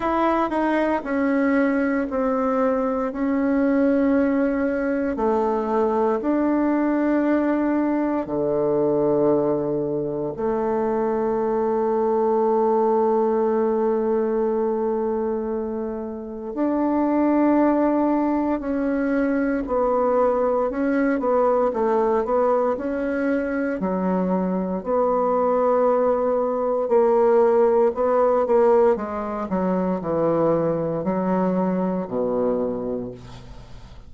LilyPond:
\new Staff \with { instrumentName = "bassoon" } { \time 4/4 \tempo 4 = 58 e'8 dis'8 cis'4 c'4 cis'4~ | cis'4 a4 d'2 | d2 a2~ | a1 |
d'2 cis'4 b4 | cis'8 b8 a8 b8 cis'4 fis4 | b2 ais4 b8 ais8 | gis8 fis8 e4 fis4 b,4 | }